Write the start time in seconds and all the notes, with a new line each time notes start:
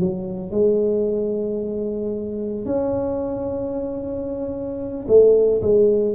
0.00 F#3
0.51 G#3
2.65 C#4
5.08 A3
5.62 G#3